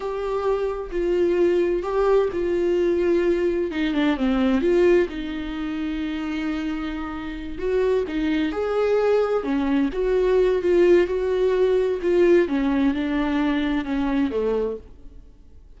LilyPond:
\new Staff \with { instrumentName = "viola" } { \time 4/4 \tempo 4 = 130 g'2 f'2 | g'4 f'2. | dis'8 d'8 c'4 f'4 dis'4~ | dis'1~ |
dis'8 fis'4 dis'4 gis'4.~ | gis'8 cis'4 fis'4. f'4 | fis'2 f'4 cis'4 | d'2 cis'4 a4 | }